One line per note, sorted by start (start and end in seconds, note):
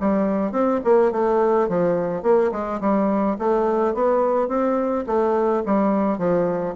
0.00 0.51 G3
0.51 0.80 C4
0.84 1.11 A#3
1.11 1.68 A3
1.68 2.22 F3
2.22 2.50 A#3
2.51 2.80 G#3
2.80 3.37 G3
3.38 3.94 A3
3.94 4.48 B3
4.48 5.04 C4
5.06 5.63 A3
5.65 6.17 G3
6.17 6.74 F3